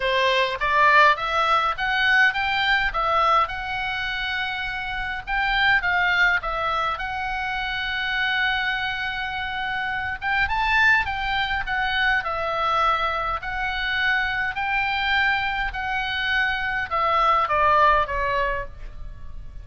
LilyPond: \new Staff \with { instrumentName = "oboe" } { \time 4/4 \tempo 4 = 103 c''4 d''4 e''4 fis''4 | g''4 e''4 fis''2~ | fis''4 g''4 f''4 e''4 | fis''1~ |
fis''4. g''8 a''4 g''4 | fis''4 e''2 fis''4~ | fis''4 g''2 fis''4~ | fis''4 e''4 d''4 cis''4 | }